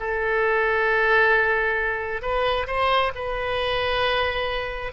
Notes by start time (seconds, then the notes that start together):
0.00 A4
2.22 B4
2.67 C5
3.15 B4